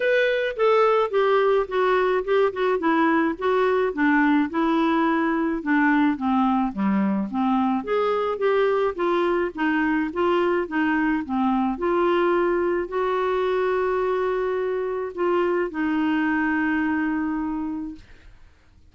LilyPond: \new Staff \with { instrumentName = "clarinet" } { \time 4/4 \tempo 4 = 107 b'4 a'4 g'4 fis'4 | g'8 fis'8 e'4 fis'4 d'4 | e'2 d'4 c'4 | g4 c'4 gis'4 g'4 |
f'4 dis'4 f'4 dis'4 | c'4 f'2 fis'4~ | fis'2. f'4 | dis'1 | }